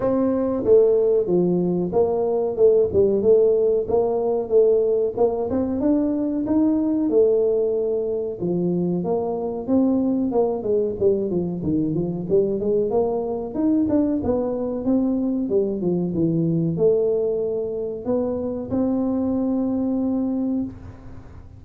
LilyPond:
\new Staff \with { instrumentName = "tuba" } { \time 4/4 \tempo 4 = 93 c'4 a4 f4 ais4 | a8 g8 a4 ais4 a4 | ais8 c'8 d'4 dis'4 a4~ | a4 f4 ais4 c'4 |
ais8 gis8 g8 f8 dis8 f8 g8 gis8 | ais4 dis'8 d'8 b4 c'4 | g8 f8 e4 a2 | b4 c'2. | }